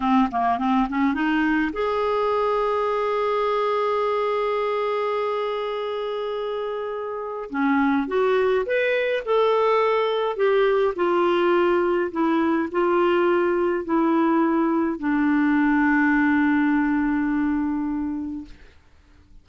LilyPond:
\new Staff \with { instrumentName = "clarinet" } { \time 4/4 \tempo 4 = 104 c'8 ais8 c'8 cis'8 dis'4 gis'4~ | gis'1~ | gis'1~ | gis'4 cis'4 fis'4 b'4 |
a'2 g'4 f'4~ | f'4 e'4 f'2 | e'2 d'2~ | d'1 | }